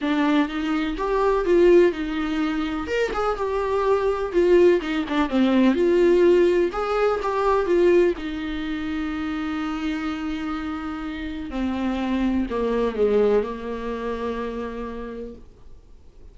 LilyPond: \new Staff \with { instrumentName = "viola" } { \time 4/4 \tempo 4 = 125 d'4 dis'4 g'4 f'4 | dis'2 ais'8 gis'8 g'4~ | g'4 f'4 dis'8 d'8 c'4 | f'2 gis'4 g'4 |
f'4 dis'2.~ | dis'1 | c'2 ais4 gis4 | ais1 | }